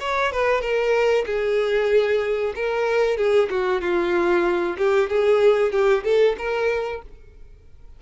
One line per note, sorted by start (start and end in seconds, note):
0.00 0.32 C#5
0.32 0.61 B4
0.61 1.25 A#4
1.26 2.54 G#4
2.55 3.17 A#4
3.17 3.49 G#4
3.50 3.81 F#4
3.81 4.77 F4
4.78 5.09 G4
5.10 5.72 G#4
5.72 6.04 G4
6.04 6.36 A4
6.38 7.02 A#4